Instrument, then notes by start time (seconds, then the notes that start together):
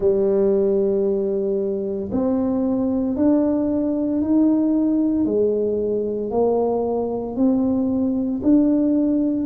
tuba
0.00 G3
2.11 C4
3.16 D4
4.21 D#4
5.25 G#3
6.31 A#3
7.35 C4
8.42 D4